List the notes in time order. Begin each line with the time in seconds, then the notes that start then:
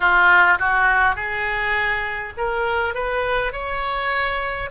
0.00 F4
0.58 F#4
1.15 G#4
2.37 A#4
2.94 B4
3.52 C#5